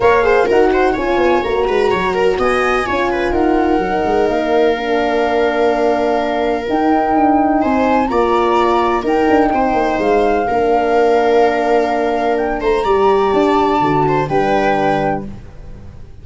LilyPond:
<<
  \new Staff \with { instrumentName = "flute" } { \time 4/4 \tempo 4 = 126 f''4 fis''4 gis''4 ais''4~ | ais''4 gis''2 fis''4~ | fis''4 f''2.~ | f''2 g''2 |
gis''4 ais''2 g''4~ | g''4 f''2.~ | f''2 g''8 ais''4. | a''2 g''2 | }
  \new Staff \with { instrumentName = "viola" } { \time 4/4 cis''8 c''8 ais'8 c''8 cis''4. b'8 | cis''8 ais'8 dis''4 cis''8 b'8 ais'4~ | ais'1~ | ais'1 |
c''4 d''2 ais'4 | c''2 ais'2~ | ais'2~ ais'8 c''8 d''4~ | d''4. c''8 b'2 | }
  \new Staff \with { instrumentName = "horn" } { \time 4/4 ais'8 gis'8 fis'4 f'4 fis'4~ | fis'2 f'2 | dis'2 d'2~ | d'2 dis'2~ |
dis'4 f'2 dis'4~ | dis'2 d'2~ | d'2. g'4~ | g'4 fis'4 d'2 | }
  \new Staff \with { instrumentName = "tuba" } { \time 4/4 ais4 dis'4 cis'8 b8 ais8 gis8 | fis4 b4 cis'4 dis'4 | fis8 gis8 ais2.~ | ais2 dis'4 d'4 |
c'4 ais2 dis'8 d'8 | c'8 ais8 gis4 ais2~ | ais2~ ais8 a8 g4 | d'4 d4 g2 | }
>>